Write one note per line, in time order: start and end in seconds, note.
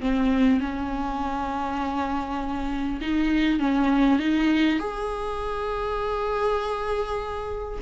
0.00 0.60 C4
0.60 3.00 C#4
3.01 3.59 D#4
3.59 4.19 C#4
4.19 4.79 D#4
4.79 7.79 G#4